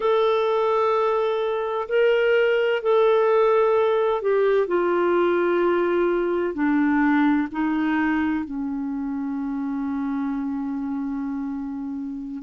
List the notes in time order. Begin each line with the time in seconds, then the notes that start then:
0.00 A4
1.88 A#4
2.82 A4
4.21 G4
4.67 F4
6.54 D4
7.51 D#4
8.45 C#4